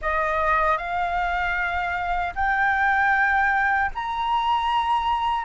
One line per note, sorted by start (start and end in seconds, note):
0.01 0.77 D#5
0.77 2.33 F5
2.35 3.91 G5
3.94 5.44 A#5